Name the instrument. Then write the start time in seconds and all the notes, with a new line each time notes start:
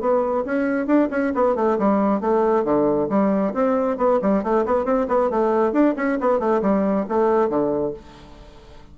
bassoon
0.00 B3
0.45 C#4
0.86 D4
1.10 C#4
1.34 B3
1.55 A3
1.78 G3
2.20 A3
2.64 D3
3.09 G3
3.53 C4
3.97 B3
4.22 G3
4.43 A3
4.65 B3
4.85 C4
5.08 B3
5.30 A3
5.72 D4
5.96 C#4
6.20 B3
6.39 A3
6.62 G3
7.08 A3
7.49 D3